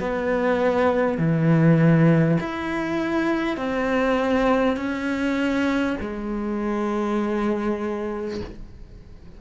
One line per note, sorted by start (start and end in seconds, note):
0.00 1.18 B3
1.18 2.38 E3
2.41 3.58 E4
3.58 4.77 C4
4.77 5.97 C#4
6.01 8.41 G#3